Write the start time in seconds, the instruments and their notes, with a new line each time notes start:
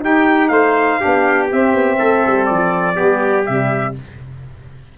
0.00 tuba D#4, saxophone D#4, trumpet G4 G5
0.48 tuba A3, trumpet C5 F5
1.00 tuba B3, saxophone D4, trumpet G4
1.49 saxophone C4, tuba C4, trumpet E5
1.73 tuba B3
1.98 tuba A3, trumpet A4
2.26 tuba G3
2.45 tuba F3, trumpet D5
2.95 tuba G3, saxophone B3, trumpet G4
3.45 tuba C3, saxophone G3, trumpet E5